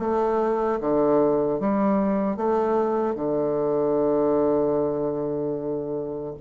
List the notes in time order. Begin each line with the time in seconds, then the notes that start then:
0.00 A3
0.80 D3
1.60 G3
2.37 A3
3.15 D3